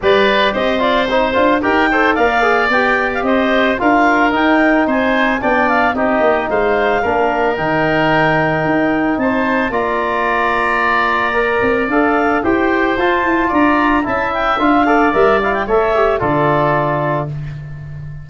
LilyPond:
<<
  \new Staff \with { instrumentName = "clarinet" } { \time 4/4 \tempo 4 = 111 d''4 dis''8 d''8 c''4 g''4 | f''4 g''8. f''16 dis''4 f''4 | g''4 gis''4 g''8 f''8 dis''4 | f''2 g''2~ |
g''4 a''4 ais''2~ | ais''2 f''4 g''4 | a''4 ais''4 a''8 g''8 f''4 | e''8 f''16 g''16 e''4 d''2 | }
  \new Staff \with { instrumentName = "oboe" } { \time 4/4 b'4 c''2 ais'8 c''8 | d''2 c''4 ais'4~ | ais'4 c''4 d''4 g'4 | c''4 ais'2.~ |
ais'4 c''4 d''2~ | d''2. c''4~ | c''4 d''4 e''4. d''8~ | d''4 cis''4 a'2 | }
  \new Staff \with { instrumentName = "trombone" } { \time 4/4 g'4. f'8 dis'8 f'8 g'8 a'8 | ais'8 gis'8 g'2 f'4 | dis'2 d'4 dis'4~ | dis'4 d'4 dis'2~ |
dis'2 f'2~ | f'4 ais'4 a'4 g'4 | f'2 e'4 f'8 a'8 | ais'8 e'8 a'8 g'8 f'2 | }
  \new Staff \with { instrumentName = "tuba" } { \time 4/4 g4 c'4. d'8 dis'4 | ais4 b4 c'4 d'4 | dis'4 c'4 b4 c'8 ais8 | gis4 ais4 dis2 |
dis'4 c'4 ais2~ | ais4. c'8 d'4 e'4 | f'8 e'8 d'4 cis'4 d'4 | g4 a4 d2 | }
>>